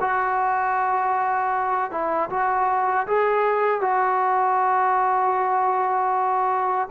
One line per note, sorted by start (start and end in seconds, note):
0.00 1.91 F#4
1.91 2.29 E4
2.30 3.07 F#4
3.07 3.81 G#4
3.81 6.88 F#4